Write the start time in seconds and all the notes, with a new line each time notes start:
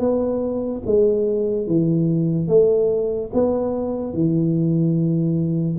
0.00 B3
0.86 G#3
1.67 E3
2.49 A3
3.34 B3
4.14 E3